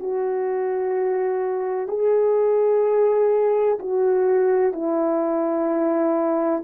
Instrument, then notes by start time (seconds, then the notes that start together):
horn
0.00 F#4
1.88 G#4
3.80 F#4
4.73 E4